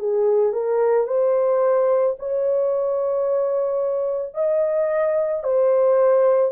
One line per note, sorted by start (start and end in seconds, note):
0.00 0.53 G#4
0.53 1.08 A#4
1.08 2.17 C5
2.19 4.35 C#5
4.35 5.43 D#5
5.43 6.52 C5